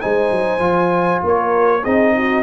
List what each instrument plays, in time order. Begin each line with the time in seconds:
0.00 tuba G#3, trombone D#4, horn C5, trumpet G#5
0.31 tuba F#3
0.58 tuba F3, trombone F4
1.23 tuba A#3, horn A#4, trumpet C#5
1.83 tuba C4, trombone D#4, horn G#4, trumpet D#5
2.15 horn F#4